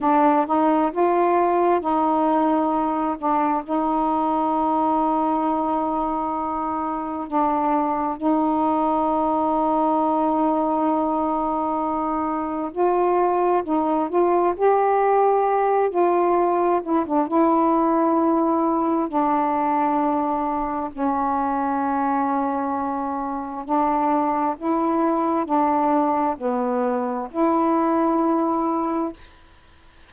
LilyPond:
\new Staff \with { instrumentName = "saxophone" } { \time 4/4 \tempo 4 = 66 d'8 dis'8 f'4 dis'4. d'8 | dis'1 | d'4 dis'2.~ | dis'2 f'4 dis'8 f'8 |
g'4. f'4 e'16 d'16 e'4~ | e'4 d'2 cis'4~ | cis'2 d'4 e'4 | d'4 b4 e'2 | }